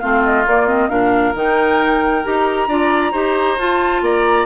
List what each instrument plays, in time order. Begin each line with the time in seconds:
0.00 bassoon A3, clarinet C4, oboe F4, flute F5
0.24 flute D#5
0.46 clarinet A#3, bassoon A#3, flute D5
0.67 clarinet C4, flute D#5
0.89 bassoon A#2, clarinet D4, oboe A#4, flute F5
1.35 bassoon D#3, clarinet D#4, flute G5
2.24 bassoon D#4, clarinet G4, flute A#5
2.68 bassoon D4, clarinet F4, oboe D5
3.12 bassoon D#4, clarinet G4, oboe C5
3.58 bassoon F4, clarinet F4, flute A5
4.02 bassoon A#3, oboe D5, flute A#5